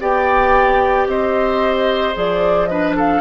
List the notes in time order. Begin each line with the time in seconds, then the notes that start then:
0.00 B3 G4 D5 G5
1.06 C4 C5 D#5
2.14 F3 G#4 D5
2.66 D4 B4 D#5
2.96 A4 F5